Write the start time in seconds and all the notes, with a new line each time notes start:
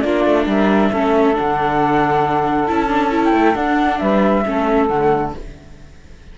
0.00 A#3 D4 F4 D5
0.25 A3
0.46 G3 A#4 E5
0.90 A3 C#4 A4
1.34 D4 F#5
1.40 D3
2.67 C#4 E4 A5
2.88 D4
3.11 E4
3.24 G5
3.32 A3
3.54 D4 F#5
3.98 G3 B4 E5
4.45 A3 C#4 A4
4.87 D3 A3 F#5